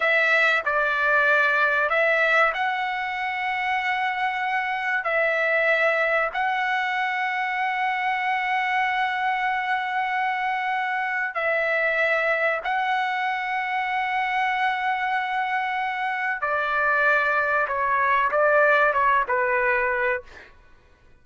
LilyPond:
\new Staff \with { instrumentName = "trumpet" } { \time 4/4 \tempo 4 = 95 e''4 d''2 e''4 | fis''1 | e''2 fis''2~ | fis''1~ |
fis''2 e''2 | fis''1~ | fis''2 d''2 | cis''4 d''4 cis''8 b'4. | }